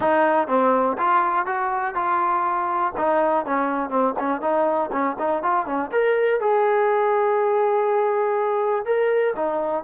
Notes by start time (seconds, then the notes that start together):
0.00 D#4
0.47 C4
0.97 F4
1.46 F#4
1.94 F4
2.97 D#4
3.45 C#4
3.89 C4
4.19 C#4
4.41 D#4
4.92 C#4
5.19 D#4
5.42 F4
5.66 C#4
5.91 A#4
6.40 G#4
8.85 A#4
9.36 D#4